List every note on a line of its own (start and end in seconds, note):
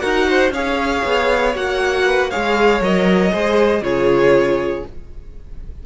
0.00 0.51 D#4
0.00 0.52 F#4
0.00 0.28 A#4
0.00 0.51 F#5
0.30 0.54 C5
0.51 1.02 C#4
0.51 1.55 G#4
0.51 2.06 C#5
0.51 1.56 F5
1.05 1.55 B3
1.55 2.32 A#3
1.55 2.32 F#4
1.55 2.31 F#5
2.06 2.31 B4
2.31 2.81 G#3
2.31 2.83 G#4
2.31 3.32 C#5
2.31 2.82 F5
2.81 3.32 F#3
2.81 3.31 A#4
2.81 3.84 D#5
3.31 3.82 G#3
3.31 3.82 G#4
3.31 3.83 C5
3.82 4.83 C#3
3.82 4.85 F4
3.82 4.86 G#4
3.82 4.86 C#5